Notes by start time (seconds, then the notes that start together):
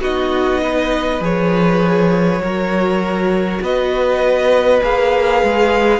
0.00 B3 D#4 F#4 D#5
0.62 B4
1.20 F3 G#4 C#5
2.39 F#3 F#4 A#4
3.61 B3 B4 D#5
4.82 A#3 G#4 F5
5.43 G#3